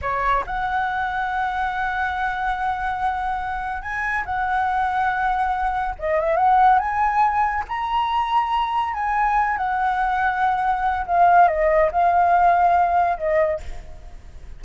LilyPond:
\new Staff \with { instrumentName = "flute" } { \time 4/4 \tempo 4 = 141 cis''4 fis''2.~ | fis''1~ | fis''4 gis''4 fis''2~ | fis''2 dis''8 e''8 fis''4 |
gis''2 ais''2~ | ais''4 gis''4. fis''4.~ | fis''2 f''4 dis''4 | f''2. dis''4 | }